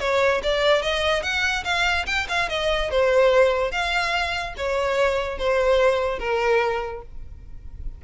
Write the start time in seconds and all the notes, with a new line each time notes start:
0.00 C#5
0.43 D5
0.82 D#5
1.23 F#5
1.64 F5
2.07 G5
2.29 F5
2.49 D#5
2.91 C5
3.71 F5
4.57 C#5
5.38 C5
6.19 A#4